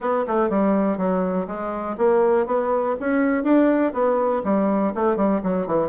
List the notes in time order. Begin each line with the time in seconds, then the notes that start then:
0.00 B3
0.27 A3
0.49 G3
0.97 F#3
1.47 G#3
1.97 A#3
2.46 B3
3.00 C#4
3.43 D4
3.93 B3
4.44 G3
4.94 A3
5.16 G3
5.43 F#3
5.67 E3